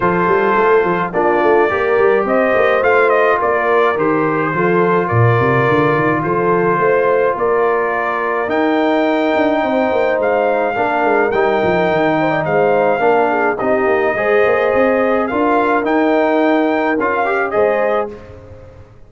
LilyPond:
<<
  \new Staff \with { instrumentName = "trumpet" } { \time 4/4 \tempo 4 = 106 c''2 d''2 | dis''4 f''8 dis''8 d''4 c''4~ | c''4 d''2 c''4~ | c''4 d''2 g''4~ |
g''2 f''2 | g''2 f''2 | dis''2. f''4 | g''2 f''4 dis''4 | }
  \new Staff \with { instrumentName = "horn" } { \time 4/4 a'2 f'4 ais'4 | c''2 ais'2 | a'4 ais'2 a'4 | c''4 ais'2.~ |
ais'4 c''2 ais'4~ | ais'4. c''16 d''16 c''4 ais'8 gis'8 | g'4 c''2 ais'4~ | ais'2. c''4 | }
  \new Staff \with { instrumentName = "trombone" } { \time 4/4 f'2 d'4 g'4~ | g'4 f'2 g'4 | f'1~ | f'2. dis'4~ |
dis'2. d'4 | dis'2. d'4 | dis'4 gis'2 f'4 | dis'2 f'8 g'8 gis'4 | }
  \new Staff \with { instrumentName = "tuba" } { \time 4/4 f8 g8 a8 f8 ais8 a8 ais8 g8 | c'8 ais8 a4 ais4 dis4 | f4 ais,8 c8 d8 dis8 f4 | a4 ais2 dis'4~ |
dis'8 d'8 c'8 ais8 gis4 ais8 gis8 | g8 f8 dis4 gis4 ais4 | c'8 ais8 gis8 ais8 c'4 d'4 | dis'2 cis'4 gis4 | }
>>